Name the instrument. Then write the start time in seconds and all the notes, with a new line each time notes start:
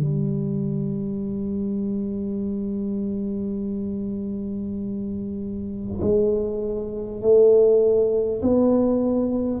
tuba
0.00 G3
6.01 G#3
7.21 A3
8.42 B3